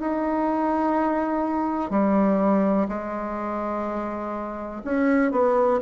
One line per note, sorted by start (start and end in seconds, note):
0.00 1.90 D#4
1.90 2.87 G3
2.89 4.82 G#3
4.85 5.31 C#4
5.31 5.80 B3